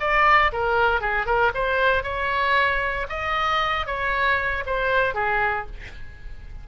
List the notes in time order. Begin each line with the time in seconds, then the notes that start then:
0.00 D5
0.52 A#4
1.01 G#4
1.26 A#4
1.54 C5
2.03 C#5
3.09 D#5
3.87 C#5
4.66 C5
5.14 G#4